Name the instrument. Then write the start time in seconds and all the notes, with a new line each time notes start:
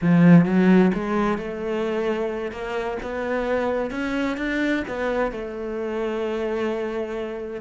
cello
0.01 F3
0.45 F#3
0.93 G#3
1.37 A3
2.51 A#3
3.02 B3
3.91 C#4
4.37 D4
4.87 B3
5.31 A3